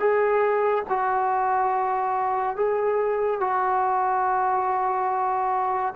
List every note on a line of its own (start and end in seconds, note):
0.00 0.85 G#4
0.90 2.57 F#4
2.57 3.41 G#4
3.41 5.94 F#4